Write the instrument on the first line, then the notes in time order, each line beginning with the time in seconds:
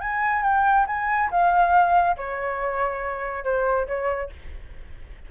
flute
0.00 G#5
0.43 G5
0.87 G#5
1.30 F5
2.17 C#5
3.44 C5
3.87 C#5